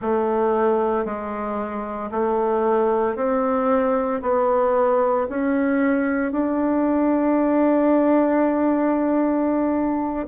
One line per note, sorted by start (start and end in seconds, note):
0.01 1.05 A3
1.05 2.10 G#3
2.11 3.16 A3
3.16 4.21 C4
4.22 5.27 B3
5.29 6.32 C#4
6.32 10.26 D4